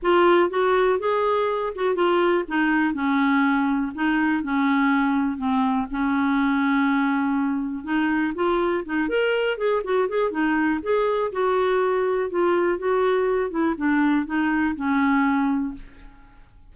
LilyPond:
\new Staff \with { instrumentName = "clarinet" } { \time 4/4 \tempo 4 = 122 f'4 fis'4 gis'4. fis'8 | f'4 dis'4 cis'2 | dis'4 cis'2 c'4 | cis'1 |
dis'4 f'4 dis'8 ais'4 gis'8 | fis'8 gis'8 dis'4 gis'4 fis'4~ | fis'4 f'4 fis'4. e'8 | d'4 dis'4 cis'2 | }